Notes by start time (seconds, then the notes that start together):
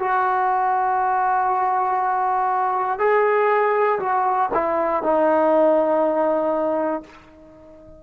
0.00 F#4
3.00 G#4
4.00 F#4
4.54 E4
5.04 D#4